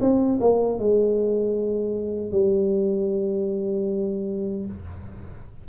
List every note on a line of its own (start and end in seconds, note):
0.00 0.39 C4
0.40 0.78 A#3
0.78 2.31 G#3
2.31 4.65 G3